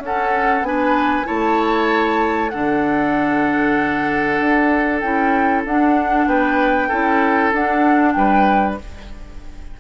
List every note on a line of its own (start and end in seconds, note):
0.00 0.62 C#4
0.00 0.65 C#4
0.00 0.68 A4
0.00 0.65 F#5
0.62 1.24 B3
0.62 1.25 D4
0.62 1.27 B4
0.62 1.27 G#5
1.25 2.54 A3
1.25 2.50 E4
1.25 2.52 C#5
1.25 2.50 A5
2.50 4.40 D3
2.50 5.03 D4
2.50 6.28 A4
2.50 5.00 F#5
4.40 5.03 D4
5.00 5.65 C#4
5.00 5.66 E4
5.00 5.63 G5
5.65 6.27 D4
5.65 6.91 D4
5.65 6.28 F#5
6.27 6.89 B3
6.27 6.89 B4
6.27 7.53 G5
6.89 7.53 C#4
6.89 7.54 E4
6.89 8.14 A4
7.53 8.16 D4
7.53 8.79 D4
7.53 8.13 F#5
8.13 8.79 G3
8.13 8.80 B4
8.13 8.75 G5